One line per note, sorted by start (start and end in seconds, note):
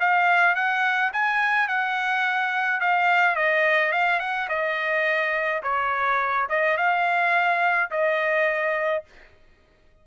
0.00 0.56 F5
0.56 1.12 F#5
1.13 1.68 G#5
1.68 2.80 F#5
2.80 3.36 F5
3.36 3.92 D#5
3.92 4.20 F5
4.20 4.48 F#5
4.49 5.62 D#5
5.63 6.48 C#5
6.49 6.77 D#5
6.77 7.91 F5
7.91 9.04 D#5